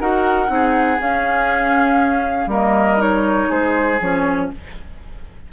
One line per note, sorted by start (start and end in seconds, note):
0.00 0.49 D#4
0.00 0.47 F#4
0.00 0.50 A#4
0.00 1.00 F#5
0.47 0.99 C4
0.47 0.97 D#4
0.54 2.50 G#4
1.00 2.46 C#4
1.00 2.50 C#4
1.00 2.51 F5
2.46 3.46 G3
2.46 2.97 A#3
2.46 3.49 A#4
2.46 3.01 D#5
2.97 3.97 D#4
2.97 3.51 C#5
3.49 4.01 G#3
3.49 4.49 G#4
3.49 4.01 C5
4.01 4.51 F3
4.01 4.53 C#4
4.01 4.51 C#5